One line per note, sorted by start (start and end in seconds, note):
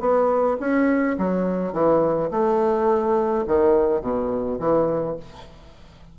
0.00 0.57 B3
0.60 1.17 C#4
1.18 1.73 F#3
1.73 2.30 E3
2.31 3.45 A3
3.47 4.01 D#3
4.01 4.58 B2
4.59 5.16 E3